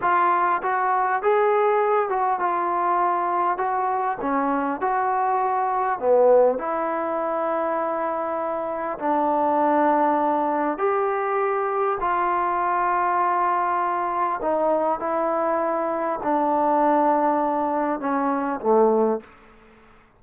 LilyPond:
\new Staff \with { instrumentName = "trombone" } { \time 4/4 \tempo 4 = 100 f'4 fis'4 gis'4. fis'8 | f'2 fis'4 cis'4 | fis'2 b4 e'4~ | e'2. d'4~ |
d'2 g'2 | f'1 | dis'4 e'2 d'4~ | d'2 cis'4 a4 | }